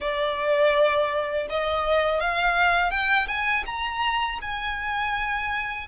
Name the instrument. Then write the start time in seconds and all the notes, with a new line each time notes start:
violin
0.00 D5
1.49 D#5
2.20 F5
2.90 G5
3.27 G#5
3.66 A#5
4.41 G#5